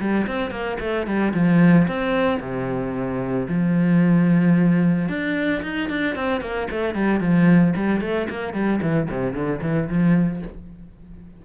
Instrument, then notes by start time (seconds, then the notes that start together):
cello
0.00 G3
0.27 C4
0.51 A#3
0.80 A3
1.07 G3
1.34 F3
1.88 C4
2.40 C3
3.48 F3
5.09 D4
5.63 D#4
5.90 D4
6.16 C4
6.41 A#3
6.71 A3
6.95 G3
7.21 F3
7.76 G3
8.01 A3
8.30 A#3
8.54 G3
8.82 E3
9.10 C3
9.34 D3
9.62 E3
9.89 F3